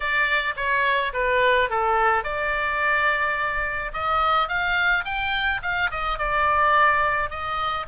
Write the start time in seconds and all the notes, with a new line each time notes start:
0.00 D5
0.56 C#5
1.13 B4
1.69 A4
2.23 D5
3.93 D#5
4.48 F5
5.04 G5
5.62 F5
5.91 D#5
6.18 D5
7.29 D#5